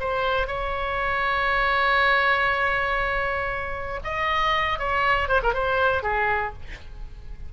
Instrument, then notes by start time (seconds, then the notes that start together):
oboe
0.00 C5
0.47 C#5
4.04 D#5
4.79 C#5
5.28 C5
5.43 A#4
5.53 C5
6.03 G#4